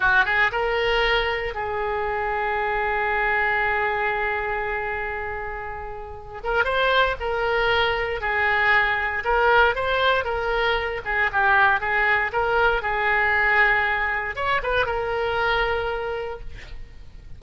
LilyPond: \new Staff \with { instrumentName = "oboe" } { \time 4/4 \tempo 4 = 117 fis'8 gis'8 ais'2 gis'4~ | gis'1~ | gis'1~ | gis'8 ais'8 c''4 ais'2 |
gis'2 ais'4 c''4 | ais'4. gis'8 g'4 gis'4 | ais'4 gis'2. | cis''8 b'8 ais'2. | }